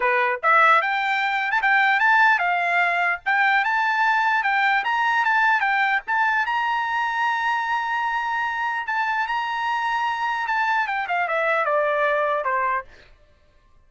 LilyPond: \new Staff \with { instrumentName = "trumpet" } { \time 4/4 \tempo 4 = 149 b'4 e''4 g''4.~ g''16 a''16 | g''4 a''4 f''2 | g''4 a''2 g''4 | ais''4 a''4 g''4 a''4 |
ais''1~ | ais''2 a''4 ais''4~ | ais''2 a''4 g''8 f''8 | e''4 d''2 c''4 | }